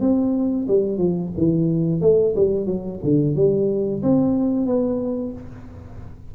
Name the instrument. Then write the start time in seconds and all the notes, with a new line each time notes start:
tuba
0.00 C4
0.68 G3
0.98 F3
1.37 E3
2.01 A3
2.35 G3
2.66 F#3
3.03 D3
3.35 G3
4.03 C4
4.66 B3